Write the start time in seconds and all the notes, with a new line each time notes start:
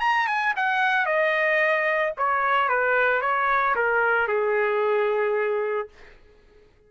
0.00 A#5
0.27 G#5
0.56 F#5
1.06 D#5
2.17 C#5
2.68 B4
3.21 C#5
3.75 A#4
4.27 G#4